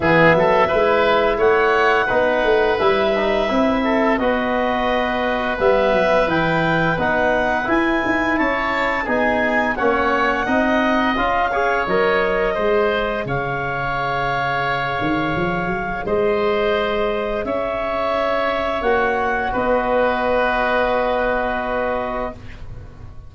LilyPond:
<<
  \new Staff \with { instrumentName = "clarinet" } { \time 4/4 \tempo 4 = 86 e''2 fis''2 | e''2 dis''2 | e''4 g''4 fis''4 gis''4 | a''4 gis''4 fis''2 |
f''4 dis''2 f''4~ | f''2. dis''4~ | dis''4 e''2 fis''4 | dis''1 | }
  \new Staff \with { instrumentName = "oboe" } { \time 4/4 gis'8 a'8 b'4 cis''4 b'4~ | b'4. a'8 b'2~ | b'1 | cis''4 gis'4 cis''4 dis''4~ |
dis''8 cis''4. c''4 cis''4~ | cis''2. c''4~ | c''4 cis''2. | b'1 | }
  \new Staff \with { instrumentName = "trombone" } { \time 4/4 b4 e'2 dis'4 | e'8 dis'8 e'4 fis'2 | b4 e'4 dis'4 e'4~ | e'4 dis'4 cis'4 dis'4 |
f'8 gis'8 ais'4 gis'2~ | gis'1~ | gis'2. fis'4~ | fis'1 | }
  \new Staff \with { instrumentName = "tuba" } { \time 4/4 e8 fis8 gis4 a4 b8 a8 | g4 c'4 b2 | g8 fis8 e4 b4 e'8 dis'8 | cis'4 b4 ais4 c'4 |
cis'4 fis4 gis4 cis4~ | cis4. dis8 f8 fis8 gis4~ | gis4 cis'2 ais4 | b1 | }
>>